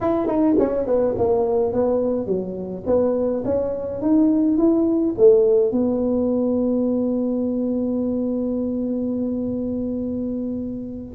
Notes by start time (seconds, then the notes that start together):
0.01 E4
0.26 D#4
0.59 C#4
0.86 B3
1.17 A#3
1.72 B3
2.26 F#3
2.86 B3
3.44 C#4
4.01 D#4
4.57 E4
5.17 A3
5.71 B3